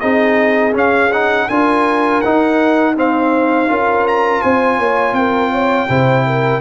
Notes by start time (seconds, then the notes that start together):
0.00 C4 D#4 G#4 D#5
0.73 C#4 F5
1.12 D#4 F#5
1.49 D4 F4 A#4 G#5
2.21 D#4 F#5
2.96 C4 C5 F5
3.68 C#4 F4 A#4
4.08 A#5
4.42 C4 C5 G#5
4.79 A#3 C#5
5.13 C4 A#4 G5
5.51 C#5
5.89 C3 E4 C5
6.27 A#4